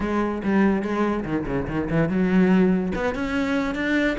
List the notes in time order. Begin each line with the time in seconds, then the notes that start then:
0.00 G#3
0.43 G3
0.82 G#3
1.24 D#3
1.46 C#3
1.67 D#3
1.90 E3
2.08 F#3
2.95 B3
3.15 C#4
3.74 D4